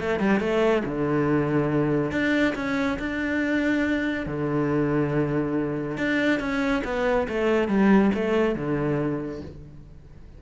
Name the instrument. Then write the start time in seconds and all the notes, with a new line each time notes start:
cello
0.00 A3
0.19 G3
0.40 A3
0.85 D3
2.11 D4
2.55 C#4
2.99 D4
4.26 D3
5.97 D4
6.40 C#4
6.85 B3
7.28 A3
7.68 G3
8.15 A3
8.56 D3